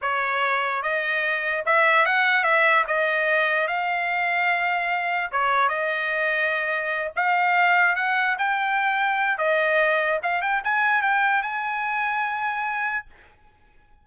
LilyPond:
\new Staff \with { instrumentName = "trumpet" } { \time 4/4 \tempo 4 = 147 cis''2 dis''2 | e''4 fis''4 e''4 dis''4~ | dis''4 f''2.~ | f''4 cis''4 dis''2~ |
dis''4. f''2 fis''8~ | fis''8 g''2~ g''8 dis''4~ | dis''4 f''8 g''8 gis''4 g''4 | gis''1 | }